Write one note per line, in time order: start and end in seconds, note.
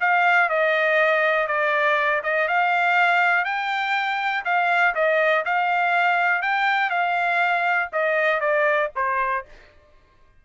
0.00 0.49 F5
0.49 1.47 D#5
1.47 2.21 D5
2.23 2.48 D#5
2.48 3.44 F5
3.44 4.44 G5
4.44 4.94 F5
4.94 5.44 D#5
5.45 6.42 F5
6.42 6.90 G5
6.90 7.89 F5
7.92 8.40 D#5
8.40 8.90 D5
8.95 9.45 C5